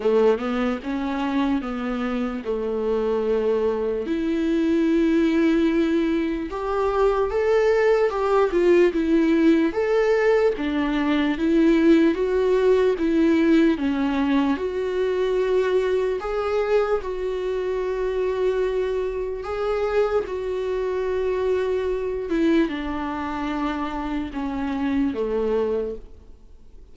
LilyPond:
\new Staff \with { instrumentName = "viola" } { \time 4/4 \tempo 4 = 74 a8 b8 cis'4 b4 a4~ | a4 e'2. | g'4 a'4 g'8 f'8 e'4 | a'4 d'4 e'4 fis'4 |
e'4 cis'4 fis'2 | gis'4 fis'2. | gis'4 fis'2~ fis'8 e'8 | d'2 cis'4 a4 | }